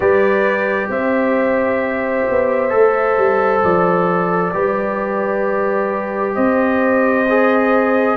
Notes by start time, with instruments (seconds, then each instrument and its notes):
0.00 tuba G3, trombone G4, horn B4, trumpet D5
0.88 tuba C4, horn C5, trumpet E5
2.29 tuba B3
2.69 tuba A3, trombone A4
3.17 tuba G3
3.62 tuba F3, trumpet D5
4.53 tuba G3, trombone G4, horn B4
6.34 tuba C4, horn C5, trumpet D#5
7.28 trombone G#4